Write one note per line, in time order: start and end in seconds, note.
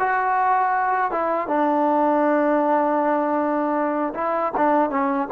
0.00 1.12 F#4
1.12 1.48 E4
1.48 4.14 D4
4.15 4.53 E4
4.57 4.91 D4
4.91 5.29 C#4